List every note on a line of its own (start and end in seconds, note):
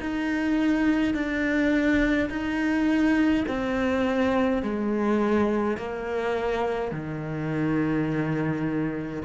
0.00 1.14 D#4
1.14 2.29 D4
2.30 3.45 D#4
3.48 4.62 C4
4.62 5.77 G#3
5.77 6.91 A#3
6.91 9.22 D#3